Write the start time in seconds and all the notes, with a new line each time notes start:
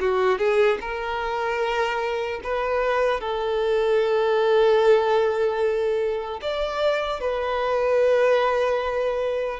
0.00 F#4
0.39 G#4
0.81 A#4
2.44 B4
3.20 A4
6.41 D5
7.20 B4